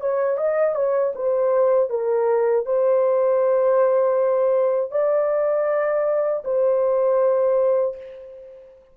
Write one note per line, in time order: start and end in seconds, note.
0.00 0.37 C#5
0.37 0.75 D#5
0.75 1.13 C#5
1.15 1.89 C5
1.89 2.65 A#4
2.65 4.91 C5
4.91 6.43 D5
6.44 7.96 C5